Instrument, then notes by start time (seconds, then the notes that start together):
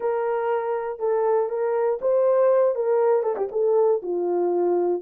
horn
0.00 A#4
0.99 A4
1.49 A#4
2.01 C5
2.75 A#4
3.22 A4
3.36 G4
3.51 A4
4.02 F4